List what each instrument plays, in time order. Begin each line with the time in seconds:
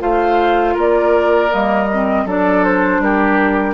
0.00 bassoon A3, clarinet F4, oboe C5, flute F5
0.75 bassoon A#3, oboe A#4, flute D5
1.50 bassoon G3, clarinet A#3, flute D#5
1.93 clarinet C4
2.25 bassoon F#3, clarinet D4, oboe A4, flute D5
2.65 flute C5
2.99 bassoon G3, oboe G4, flute A#4